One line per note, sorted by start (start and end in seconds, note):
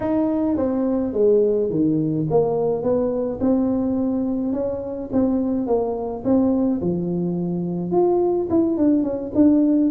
0.00 0.57 D#4
0.57 1.13 C4
1.13 1.70 G#3
1.70 2.26 D#3
2.30 2.82 A#3
2.82 3.39 B3
3.40 4.53 C4
4.53 5.09 C#4
5.12 5.66 C4
5.66 6.23 A#3
6.24 6.81 C4
6.81 7.91 F3
7.91 8.48 F4
8.50 8.77 E4
8.77 9.03 D4
9.03 9.31 C#4
9.34 9.91 D4